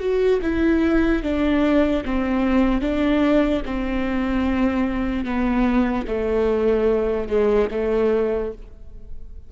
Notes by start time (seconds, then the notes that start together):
0.00 F#4
0.42 E4
1.23 D4
2.05 C4
2.82 D4
3.66 C4
5.25 B3
6.08 A3
7.29 G#3
7.71 A3